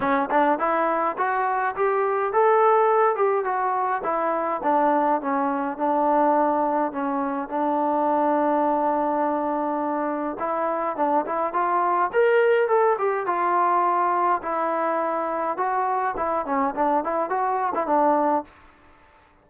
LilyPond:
\new Staff \with { instrumentName = "trombone" } { \time 4/4 \tempo 4 = 104 cis'8 d'8 e'4 fis'4 g'4 | a'4. g'8 fis'4 e'4 | d'4 cis'4 d'2 | cis'4 d'2.~ |
d'2 e'4 d'8 e'8 | f'4 ais'4 a'8 g'8 f'4~ | f'4 e'2 fis'4 | e'8 cis'8 d'8 e'8 fis'8. e'16 d'4 | }